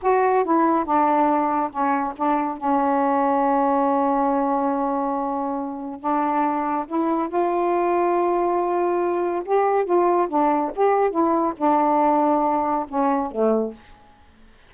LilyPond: \new Staff \with { instrumentName = "saxophone" } { \time 4/4 \tempo 4 = 140 fis'4 e'4 d'2 | cis'4 d'4 cis'2~ | cis'1~ | cis'2 d'2 |
e'4 f'2.~ | f'2 g'4 f'4 | d'4 g'4 e'4 d'4~ | d'2 cis'4 a4 | }